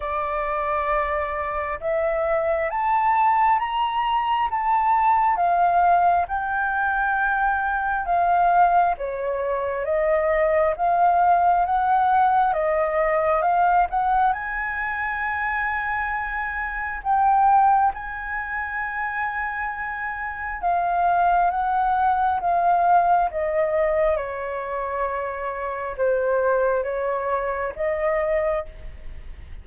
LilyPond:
\new Staff \with { instrumentName = "flute" } { \time 4/4 \tempo 4 = 67 d''2 e''4 a''4 | ais''4 a''4 f''4 g''4~ | g''4 f''4 cis''4 dis''4 | f''4 fis''4 dis''4 f''8 fis''8 |
gis''2. g''4 | gis''2. f''4 | fis''4 f''4 dis''4 cis''4~ | cis''4 c''4 cis''4 dis''4 | }